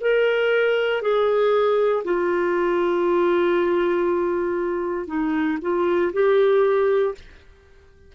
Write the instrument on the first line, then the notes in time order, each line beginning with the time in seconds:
clarinet
0.00 A#4
1.02 G#4
2.04 F4
5.07 D#4
5.61 F4
6.12 G4